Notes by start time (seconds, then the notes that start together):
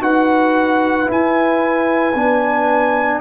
0.00 D#4 F#4 B4 F#5
1.05 E4 G#5
2.15 B3 D4